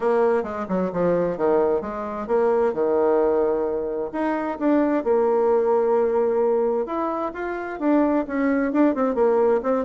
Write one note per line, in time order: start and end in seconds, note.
0.00 0.43 A#3
0.43 0.66 G#3
0.68 0.91 F#3
0.93 1.37 F3
1.37 1.81 D#3
1.81 2.27 G#3
2.27 2.73 A#3
2.73 4.10 D#3
4.12 4.58 D#4
4.59 5.04 D4
5.04 6.85 A#3
6.85 7.31 E4
7.34 7.79 F4
7.79 8.25 D4
8.27 8.72 C#4
8.72 8.95 D4
8.95 9.14 C4
9.14 9.60 A#3
9.62 9.85 C4